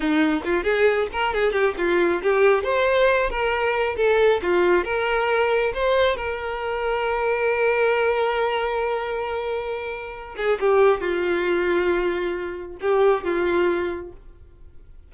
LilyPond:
\new Staff \with { instrumentName = "violin" } { \time 4/4 \tempo 4 = 136 dis'4 f'8 gis'4 ais'8 gis'8 g'8 | f'4 g'4 c''4. ais'8~ | ais'4 a'4 f'4 ais'4~ | ais'4 c''4 ais'2~ |
ais'1~ | ais'2.~ ais'8 gis'8 | g'4 f'2.~ | f'4 g'4 f'2 | }